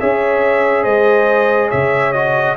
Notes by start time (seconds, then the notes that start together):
0.00 C#4 G#4 C#5 E5
0.83 G#3 C5 D#5
1.69 C#3 C#5 E5
2.13 F#4 D#5